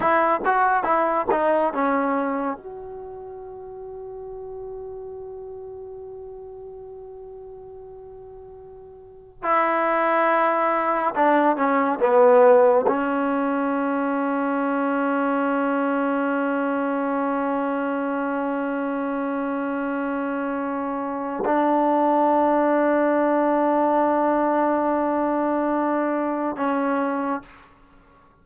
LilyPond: \new Staff \with { instrumentName = "trombone" } { \time 4/4 \tempo 4 = 70 e'8 fis'8 e'8 dis'8 cis'4 fis'4~ | fis'1~ | fis'2. e'4~ | e'4 d'8 cis'8 b4 cis'4~ |
cis'1~ | cis'1~ | cis'4 d'2.~ | d'2. cis'4 | }